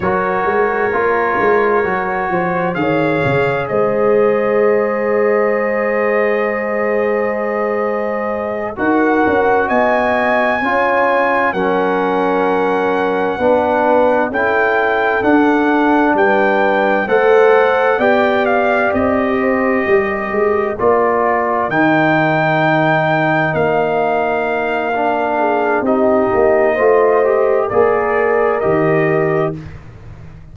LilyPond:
<<
  \new Staff \with { instrumentName = "trumpet" } { \time 4/4 \tempo 4 = 65 cis''2. f''4 | dis''1~ | dis''4. fis''4 gis''4.~ | gis''8 fis''2. g''8~ |
g''8 fis''4 g''4 fis''4 g''8 | f''8 dis''2 d''4 g''8~ | g''4. f''2~ f''8 | dis''2 d''4 dis''4 | }
  \new Staff \with { instrumentName = "horn" } { \time 4/4 ais'2~ ais'8 c''8 cis''4 | c''1~ | c''4. ais'4 dis''4 cis''8~ | cis''8 ais'2 b'4 a'8~ |
a'4. b'4 c''4 d''8~ | d''4 c''8 ais'2~ ais'8~ | ais'2.~ ais'8 gis'8 | g'4 c''4 ais'2 | }
  \new Staff \with { instrumentName = "trombone" } { \time 4/4 fis'4 f'4 fis'4 gis'4~ | gis'1~ | gis'4. fis'2 f'8~ | f'8 cis'2 d'4 e'8~ |
e'8 d'2 a'4 g'8~ | g'2~ g'8 f'4 dis'8~ | dis'2. d'4 | dis'4 f'8 g'8 gis'4 g'4 | }
  \new Staff \with { instrumentName = "tuba" } { \time 4/4 fis8 gis8 ais8 gis8 fis8 f8 dis8 cis8 | gis1~ | gis4. dis'8 cis'8 b4 cis'8~ | cis'8 fis2 b4 cis'8~ |
cis'8 d'4 g4 a4 b8~ | b8 c'4 g8 gis8 ais4 dis8~ | dis4. ais2~ ais8 | c'8 ais8 a4 ais4 dis4 | }
>>